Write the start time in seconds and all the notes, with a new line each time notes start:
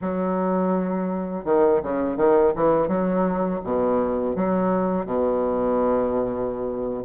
0.01 F#3
1.45 D#3
1.82 C#3
2.17 D#3
2.55 E3
2.88 F#3
3.63 B2
4.35 F#3
5.05 B2